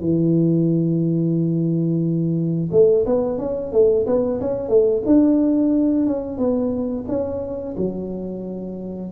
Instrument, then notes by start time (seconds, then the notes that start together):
tuba
0.00 E3
2.72 A3
3.06 B3
3.38 C#4
3.72 A3
4.06 B3
4.41 C#4
4.69 A3
5.06 D4
6.07 C#4
6.38 B3
7.08 C#4
7.77 F#3